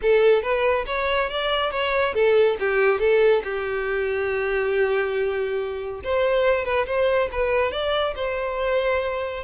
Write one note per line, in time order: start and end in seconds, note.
0.02 0.42 A4
0.42 0.85 B4
0.86 1.29 C#5
1.29 1.71 D5
1.71 2.14 C#5
2.14 2.57 A4
2.59 2.99 G4
2.99 3.42 A4
3.43 6.00 G4
6.04 6.64 C5
6.64 6.86 B4
6.86 7.29 C5
7.31 7.71 B4
7.71 8.14 D5
8.15 9.43 C5